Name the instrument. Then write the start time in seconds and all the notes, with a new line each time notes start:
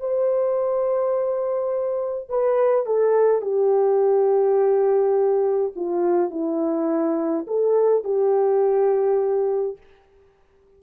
horn
0.00 C5
2.29 B4
2.86 A4
3.42 G4
5.76 F4
6.31 E4
7.47 A4
8.04 G4